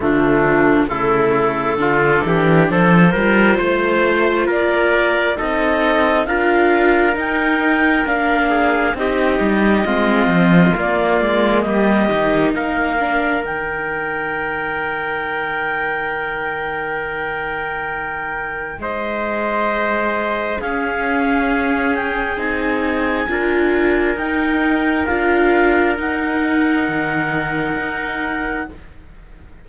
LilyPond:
<<
  \new Staff \with { instrumentName = "clarinet" } { \time 4/4 \tempo 4 = 67 d'4 a'2 c''4~ | c''4 d''4 dis''4 f''4 | g''4 f''4 dis''2 | d''4 dis''4 f''4 g''4~ |
g''1~ | g''4 dis''2 f''4~ | f''8 g''8 gis''2 g''4 | f''4 fis''2. | }
  \new Staff \with { instrumentName = "trumpet" } { \time 4/4 a4 e'4 f'8 g'8 a'8 ais'8 | c''4 ais'4 a'4 ais'4~ | ais'4. gis'8 g'4 f'4~ | f'4 g'4 ais'2~ |
ais'1~ | ais'4 c''2 gis'4~ | gis'2 ais'2~ | ais'1 | }
  \new Staff \with { instrumentName = "viola" } { \time 4/4 f4 a4 d'4. f'8~ | f'2 dis'4 f'4 | dis'4 d'4 dis'4 c'4 | ais4. dis'4 d'8 dis'4~ |
dis'1~ | dis'2. cis'4~ | cis'4 dis'4 f'4 dis'4 | f'4 dis'2. | }
  \new Staff \with { instrumentName = "cello" } { \time 4/4 d4 cis4 d8 e8 f8 g8 | a4 ais4 c'4 d'4 | dis'4 ais4 c'8 g8 gis8 f8 | ais8 gis8 g8 dis8 ais4 dis4~ |
dis1~ | dis4 gis2 cis'4~ | cis'4 c'4 d'4 dis'4 | d'4 dis'4 dis4 dis'4 | }
>>